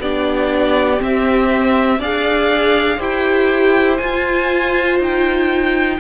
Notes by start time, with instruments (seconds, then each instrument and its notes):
0.00 cello B3, viola D4, violin G4 D5
0.97 viola C4, cello C4
1.03 violin E5
1.99 cello D4, viola G#4, violin D5 F5
2.97 cello E4, viola G4, violin C5 G5
3.97 viola F4, cello F4, violin G#5
4.99 cello D#4, violin G5